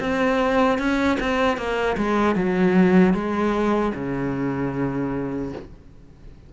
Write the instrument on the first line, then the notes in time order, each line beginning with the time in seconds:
cello
0.00 C4
0.79 C#4
1.20 C4
1.58 A#3
1.97 G#3
2.36 F#3
3.14 G#3
3.95 C#3